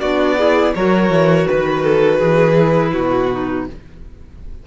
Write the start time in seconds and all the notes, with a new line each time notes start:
0.00 B3 D4 F#4 D5
0.37 E4 G#4
0.75 F#3 F#4 A#4 C#5
1.10 E3
1.47 D#3 B4
1.83 A4
2.18 E3 G#4
2.55 E4
2.92 B2 F#4
3.30 D#4